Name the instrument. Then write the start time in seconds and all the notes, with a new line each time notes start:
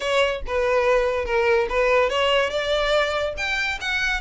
violin
0.00 C#5
0.46 B4
1.25 A#4
1.69 B4
2.09 C#5
2.50 D5
3.37 G5
3.81 F#5